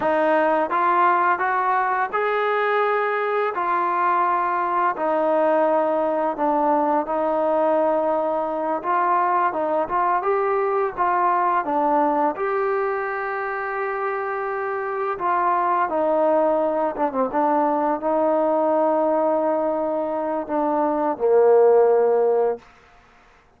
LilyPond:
\new Staff \with { instrumentName = "trombone" } { \time 4/4 \tempo 4 = 85 dis'4 f'4 fis'4 gis'4~ | gis'4 f'2 dis'4~ | dis'4 d'4 dis'2~ | dis'8 f'4 dis'8 f'8 g'4 f'8~ |
f'8 d'4 g'2~ g'8~ | g'4. f'4 dis'4. | d'16 c'16 d'4 dis'2~ dis'8~ | dis'4 d'4 ais2 | }